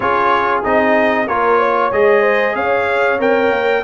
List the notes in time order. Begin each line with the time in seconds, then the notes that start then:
0.00 C#4 F4 G#4 C#5
0.63 C4 D#4 D#5
1.26 A#3 F4 A#4 C#5
1.58 C#5
1.92 G#3 G#4 D#5
2.21 C5
2.55 C#4 C#5 F5
3.19 C4 A#4 G5
3.51 A#3